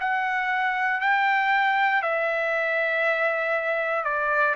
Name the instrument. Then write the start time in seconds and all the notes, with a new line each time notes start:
trumpet
0.00 F#5
1.01 G5
2.02 E5
4.04 D5